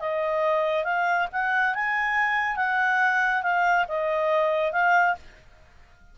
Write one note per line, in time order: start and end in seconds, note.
0.00 0.85 D#5
0.85 1.28 F5
1.32 1.75 F#5
1.75 2.57 G#5
2.57 3.43 F#5
3.43 3.86 F5
3.88 4.72 D#5
4.72 5.16 F5